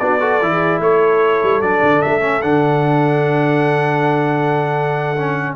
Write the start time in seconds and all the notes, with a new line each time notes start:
0.00 B3 D4 F#4 D5
0.20 F#4 A4
0.41 E3 E4
0.51 G#4
0.80 A3 A4 C#5
1.43 G3
1.61 F#3 D4 D5
1.83 D3
2.02 A3 E5
2.21 C#4
2.42 D3 D4 F#5
5.17 C#4